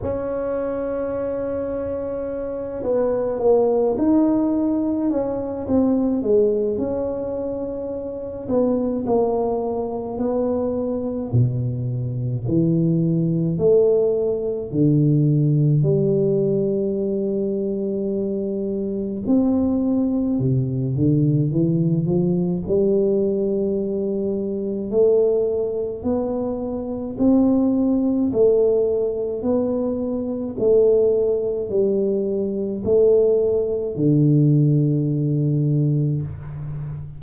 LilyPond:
\new Staff \with { instrumentName = "tuba" } { \time 4/4 \tempo 4 = 53 cis'2~ cis'8 b8 ais8 dis'8~ | dis'8 cis'8 c'8 gis8 cis'4. b8 | ais4 b4 b,4 e4 | a4 d4 g2~ |
g4 c'4 c8 d8 e8 f8 | g2 a4 b4 | c'4 a4 b4 a4 | g4 a4 d2 | }